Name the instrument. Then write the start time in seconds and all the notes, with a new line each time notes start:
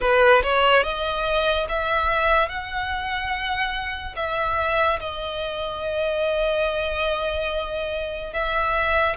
violin
0.00 B4
0.42 C#5
0.83 D#5
1.69 E5
2.48 F#5
4.16 E5
5.00 D#5
8.33 E5